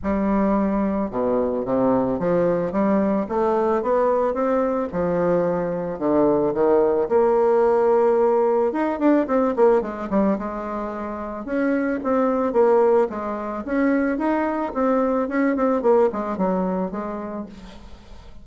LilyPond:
\new Staff \with { instrumentName = "bassoon" } { \time 4/4 \tempo 4 = 110 g2 b,4 c4 | f4 g4 a4 b4 | c'4 f2 d4 | dis4 ais2. |
dis'8 d'8 c'8 ais8 gis8 g8 gis4~ | gis4 cis'4 c'4 ais4 | gis4 cis'4 dis'4 c'4 | cis'8 c'8 ais8 gis8 fis4 gis4 | }